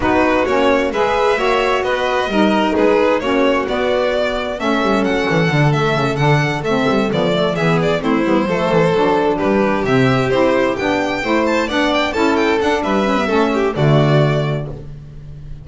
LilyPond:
<<
  \new Staff \with { instrumentName = "violin" } { \time 4/4 \tempo 4 = 131 b'4 cis''4 e''2 | dis''2 b'4 cis''4 | d''2 e''4 fis''4~ | fis''8 e''4 fis''4 e''4 d''8~ |
d''8 e''8 d''8 c''2~ c''8~ | c''8 b'4 e''4 c''4 g''8~ | g''4 a''8 fis''8 g''8 a''8 g''8 fis''8 | e''2 d''2 | }
  \new Staff \with { instrumentName = "violin" } { \time 4/4 fis'2 b'4 cis''4 | b'4 ais'4 gis'4 fis'4~ | fis'2 a'2~ | a'1~ |
a'8 gis'4 e'4 a'4.~ | a'8 g'2.~ g'8~ | g'8 c''4 d''4 a'4. | b'4 a'8 g'8 fis'2 | }
  \new Staff \with { instrumentName = "saxophone" } { \time 4/4 dis'4 cis'4 gis'4 fis'4~ | fis'4 dis'2 cis'4 | b2 cis'2 | d'8 a4 d'4 c'4 b8 |
a8 b4 c'8 b8 a4 d'8~ | d'4. c'4 e'4 d'8~ | d'8 e'4 d'4 e'4 d'8~ | d'8 cis'16 b16 cis'4 a2 | }
  \new Staff \with { instrumentName = "double bass" } { \time 4/4 b4 ais4 gis4 ais4 | b4 g4 gis4 ais4 | b2 a8 g8 fis8 e8 | d4 cis8 d4 a8 g8 f8~ |
f8 e4 a8 g8 f8 e8 fis8~ | fis8 g4 c4 c'4 b8~ | b8 a4 b4 cis'4 d'8 | g4 a4 d2 | }
>>